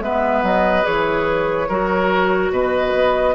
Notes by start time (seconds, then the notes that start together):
0.00 G#3 B3 B4 E5
0.43 F#3 D#5
0.83 E3 G#4 C#5
1.69 F#3 F#4 A#4
2.51 B2 B4 D#5
2.94 B3